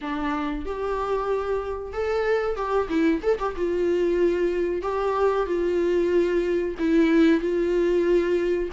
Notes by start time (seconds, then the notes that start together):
0.01 D4
0.65 G4
1.92 A4
2.55 G4
2.88 E4
3.22 A4
3.39 G4
3.55 F4
4.82 G4
5.46 F4
6.78 E4
7.40 F4